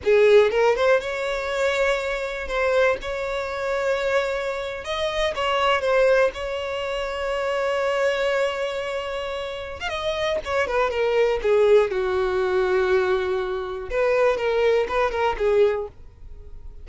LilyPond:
\new Staff \with { instrumentName = "violin" } { \time 4/4 \tempo 4 = 121 gis'4 ais'8 c''8 cis''2~ | cis''4 c''4 cis''2~ | cis''4.~ cis''16 dis''4 cis''4 c''16~ | c''8. cis''2.~ cis''16~ |
cis''2.~ cis''8. f''16 | dis''4 cis''8 b'8 ais'4 gis'4 | fis'1 | b'4 ais'4 b'8 ais'8 gis'4 | }